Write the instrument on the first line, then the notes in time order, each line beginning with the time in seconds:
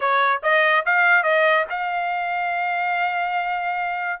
trumpet
0.00 C#5
0.42 D#5
0.85 F5
1.23 D#5
1.69 F5